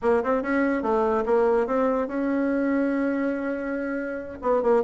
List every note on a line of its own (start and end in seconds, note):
0.02 0.23 A#3
0.23 0.42 C4
0.42 0.82 C#4
0.82 1.24 A3
1.25 1.66 A#3
1.66 2.07 C4
2.07 4.38 C#4
4.41 4.62 B3
4.62 4.83 A#3